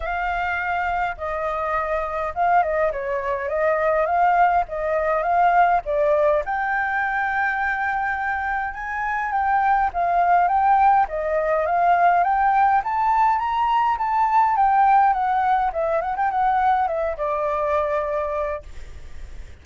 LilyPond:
\new Staff \with { instrumentName = "flute" } { \time 4/4 \tempo 4 = 103 f''2 dis''2 | f''8 dis''8 cis''4 dis''4 f''4 | dis''4 f''4 d''4 g''4~ | g''2. gis''4 |
g''4 f''4 g''4 dis''4 | f''4 g''4 a''4 ais''4 | a''4 g''4 fis''4 e''8 fis''16 g''16 | fis''4 e''8 d''2~ d''8 | }